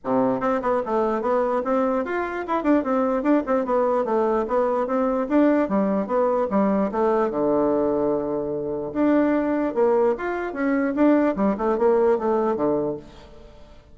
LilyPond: \new Staff \with { instrumentName = "bassoon" } { \time 4/4 \tempo 4 = 148 c4 c'8 b8 a4 b4 | c'4 f'4 e'8 d'8 c'4 | d'8 c'8 b4 a4 b4 | c'4 d'4 g4 b4 |
g4 a4 d2~ | d2 d'2 | ais4 f'4 cis'4 d'4 | g8 a8 ais4 a4 d4 | }